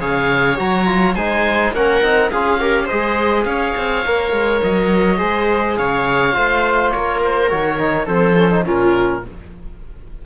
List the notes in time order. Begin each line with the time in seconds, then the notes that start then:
0.00 C#3 G#4 C#5 F5
0.56 F#3 F#4 A#5
0.85 F4
1.15 G#3 D#4 C5 G#5
1.72 A#3 C#4 A#4 F#5
2.01 C4 D#4
2.31 C#4 F4 G#4 F5
2.60 G4 A#4
2.84 G#4 C5 D#5
2.91 G#3
3.44 C#4 C#5 F5
3.76 C4
4.05 A#3 A#4
4.32 G#3
4.63 F#3 D#5
5.17 G#3 G#4 C5
5.77 C#3 C#5 F5
6.32 A3 F4 C5
6.90 A#3 A#4 C#5
7.24 C5
7.49 D#3 F#4 C#5
7.78 D#4
8.05 F3 C4 A4 C5
8.37 C#4
8.51 D#4
8.65 A#2 C#4 F4 A#4